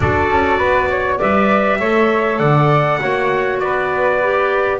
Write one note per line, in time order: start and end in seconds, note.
0.00 0.29 D4
0.00 1.19 F#4
0.00 0.58 A4
0.00 1.18 D5
0.29 0.59 C#4
0.58 1.20 B3
0.58 0.88 B4
0.90 1.18 C#5
1.18 1.79 G3
1.18 1.79 B4
1.18 1.78 D5
1.18 2.39 E5
1.79 2.39 A3
1.79 3.00 A4
1.79 2.39 C#5
2.39 2.99 D3
2.39 2.99 D5
2.39 3.58 F#5
3.00 3.60 A#3
3.00 4.20 F#4
3.00 3.61 C#5
3.59 4.80 B3
3.59 4.80 B4
3.59 4.79 D5
4.21 4.80 G4